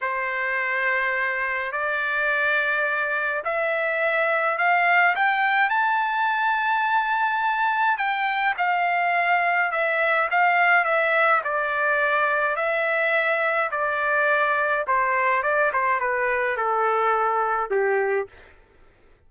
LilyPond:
\new Staff \with { instrumentName = "trumpet" } { \time 4/4 \tempo 4 = 105 c''2. d''4~ | d''2 e''2 | f''4 g''4 a''2~ | a''2 g''4 f''4~ |
f''4 e''4 f''4 e''4 | d''2 e''2 | d''2 c''4 d''8 c''8 | b'4 a'2 g'4 | }